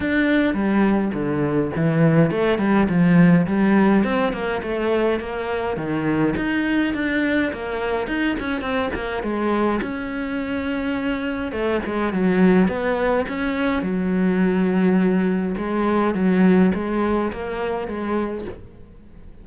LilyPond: \new Staff \with { instrumentName = "cello" } { \time 4/4 \tempo 4 = 104 d'4 g4 d4 e4 | a8 g8 f4 g4 c'8 ais8 | a4 ais4 dis4 dis'4 | d'4 ais4 dis'8 cis'8 c'8 ais8 |
gis4 cis'2. | a8 gis8 fis4 b4 cis'4 | fis2. gis4 | fis4 gis4 ais4 gis4 | }